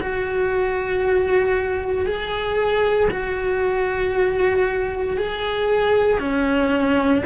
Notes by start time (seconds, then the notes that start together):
0.00 F#4
2.05 G#4
3.10 F#4
5.17 G#4
6.19 C#4